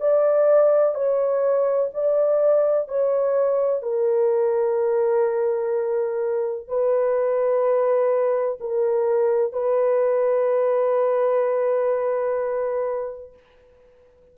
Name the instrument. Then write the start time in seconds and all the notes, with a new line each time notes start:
horn
0.00 D5
0.94 C#5
1.94 D5
2.88 C#5
3.82 A#4
6.68 B4
8.60 A#4
9.52 B4